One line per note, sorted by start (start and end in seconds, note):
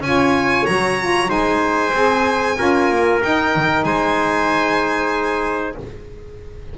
0.00 0.64 C#4
0.00 0.67 F4
0.00 1.29 C#5
0.00 0.66 G#5
0.66 1.29 F#3
0.66 0.99 F#4
0.66 1.30 A#5
0.99 1.27 F4
1.27 1.93 G#3
1.27 1.91 D#4
1.27 2.56 C5
1.27 3.22 G#5
1.93 2.57 C4
1.93 2.56 G#4
2.56 2.90 C#4
2.56 3.20 F4
2.56 3.85 A#4
2.90 3.22 A#3
3.22 5.77 D#4
3.22 3.55 D#4
3.22 3.84 G5
3.55 3.84 D#3
3.84 5.75 G#3
3.84 5.77 C5
3.84 5.75 G#5